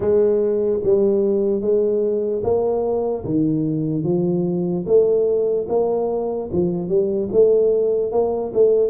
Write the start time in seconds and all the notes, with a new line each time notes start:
0.00 G#3
0.83 G3
1.61 G#3
2.43 A#3
3.24 D#3
4.03 F3
4.86 A3
5.68 A#3
6.52 F3
6.88 G3
7.32 A3
8.11 A#3
8.54 A3